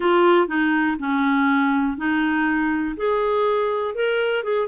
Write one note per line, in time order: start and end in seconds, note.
0.00 0.47 F4
0.47 0.96 D#4
0.99 1.97 C#4
1.97 2.95 D#4
2.96 3.95 G#4
3.95 4.43 A#4
4.43 4.67 G#4